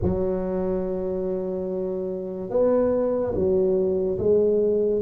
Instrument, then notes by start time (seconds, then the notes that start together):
tuba
0.02 F#3
2.50 B3
3.34 F#3
4.18 G#3